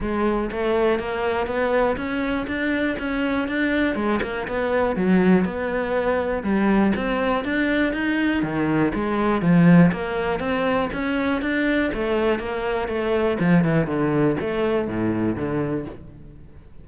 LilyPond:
\new Staff \with { instrumentName = "cello" } { \time 4/4 \tempo 4 = 121 gis4 a4 ais4 b4 | cis'4 d'4 cis'4 d'4 | gis8 ais8 b4 fis4 b4~ | b4 g4 c'4 d'4 |
dis'4 dis4 gis4 f4 | ais4 c'4 cis'4 d'4 | a4 ais4 a4 f8 e8 | d4 a4 a,4 d4 | }